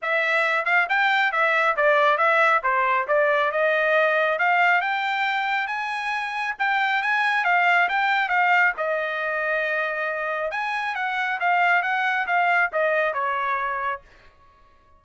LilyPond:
\new Staff \with { instrumentName = "trumpet" } { \time 4/4 \tempo 4 = 137 e''4. f''8 g''4 e''4 | d''4 e''4 c''4 d''4 | dis''2 f''4 g''4~ | g''4 gis''2 g''4 |
gis''4 f''4 g''4 f''4 | dis''1 | gis''4 fis''4 f''4 fis''4 | f''4 dis''4 cis''2 | }